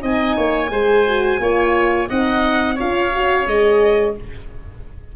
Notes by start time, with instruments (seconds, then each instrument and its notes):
0.00 tuba C4, horn D#4, oboe D#5, violin G#5
0.36 tuba A#3, oboe C#5
0.70 tuba G#3, horn G#4, oboe C5
1.06 horn F#4
1.39 tuba A#3, horn F4, oboe C#5
2.08 tuba C4, horn D#4, oboe D#5, violin F#5
2.75 tuba C#4, horn F4, oboe C#5, violin F5
3.12 horn F#4
3.46 tuba G#3, horn G#4, violin D#5